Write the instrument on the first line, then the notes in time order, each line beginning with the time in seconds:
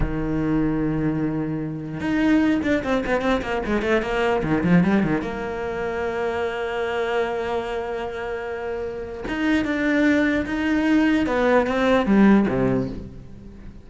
cello
0.00 D#3
2.00 D#4
2.63 D4
2.83 C4
3.06 B3
3.21 C4
3.42 A#3
3.66 G#3
3.82 A3
4.02 A#3
4.43 D#3
4.63 F3
4.83 G3
5.03 D#3
5.21 A#3
9.27 D#4
9.64 D4
10.46 D#4
11.26 B3
11.66 C4
12.06 G3
12.48 C3